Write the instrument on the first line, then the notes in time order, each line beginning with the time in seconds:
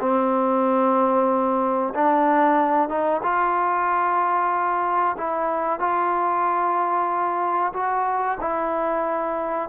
trombone
0.00 C4
1.94 D4
2.89 D#4
3.23 F4
5.18 E4
5.79 F4
7.73 F#4
8.40 E4